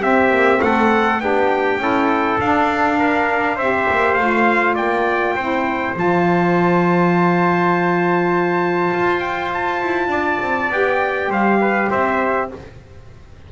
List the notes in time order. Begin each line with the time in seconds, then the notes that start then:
0.00 C4 G4 E5
0.30 A#3
0.62 A3 A4 F#5
1.20 B3 D4 G4 G5
1.77 C#4 E4 A4
2.40 D4 F5
2.98 A#4
3.56 C4 G4 C5 E5
3.90 A#3
4.14 A3 F4 F5
4.74 A#3 D5 G5
5.36 C4 E4 C5
5.95 F3 F4 A5
8.93 F4
9.20 G5
9.54 A5
9.82 E4
10.07 D4 D5
10.42 C4
10.70 B3 G4 G5
11.28 G3 C5 F5
11.61 B4
11.90 C4 C5 E5